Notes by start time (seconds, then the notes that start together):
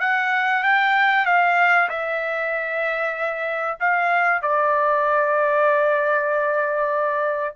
0.00 F#5
0.63 G5
1.26 F5
1.89 E5
3.80 F5
4.42 D5